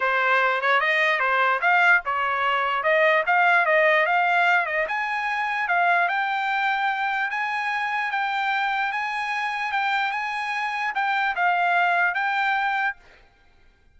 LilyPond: \new Staff \with { instrumentName = "trumpet" } { \time 4/4 \tempo 4 = 148 c''4. cis''8 dis''4 c''4 | f''4 cis''2 dis''4 | f''4 dis''4 f''4. dis''8 | gis''2 f''4 g''4~ |
g''2 gis''2 | g''2 gis''2 | g''4 gis''2 g''4 | f''2 g''2 | }